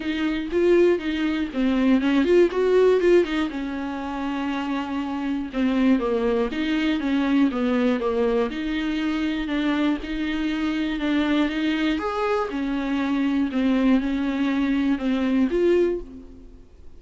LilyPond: \new Staff \with { instrumentName = "viola" } { \time 4/4 \tempo 4 = 120 dis'4 f'4 dis'4 c'4 | cis'8 f'8 fis'4 f'8 dis'8 cis'4~ | cis'2. c'4 | ais4 dis'4 cis'4 b4 |
ais4 dis'2 d'4 | dis'2 d'4 dis'4 | gis'4 cis'2 c'4 | cis'2 c'4 f'4 | }